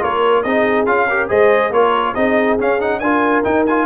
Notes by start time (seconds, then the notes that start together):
0.00 A#3 F4 A#4 C#5
0.42 C4 D#4 G#4 D#5
0.86 C#4 F4 F5
1.08 G4 A#4
1.28 G#3 G#4 C5 D#5
1.70 A#3 F4 A#4 C#5
2.14 C4 D#4 G#4 D#5
2.58 C#4 F5
2.79 D#4 F#5
2.99 D4 F4 A#4 G#5
3.44 D#4 G5
3.66 F4 G#5